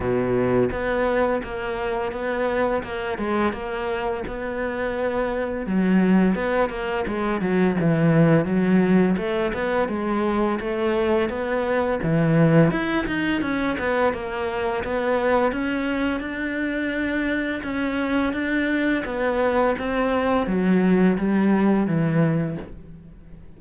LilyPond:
\new Staff \with { instrumentName = "cello" } { \time 4/4 \tempo 4 = 85 b,4 b4 ais4 b4 | ais8 gis8 ais4 b2 | fis4 b8 ais8 gis8 fis8 e4 | fis4 a8 b8 gis4 a4 |
b4 e4 e'8 dis'8 cis'8 b8 | ais4 b4 cis'4 d'4~ | d'4 cis'4 d'4 b4 | c'4 fis4 g4 e4 | }